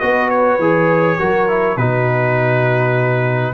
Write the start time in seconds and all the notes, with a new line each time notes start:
0.00 B3 F#4 B4 D#5
0.30 C#5
0.59 E3 G#4
1.19 F#3 F#4 A#4
1.49 E4
1.77 B2 D#4 F#4 B4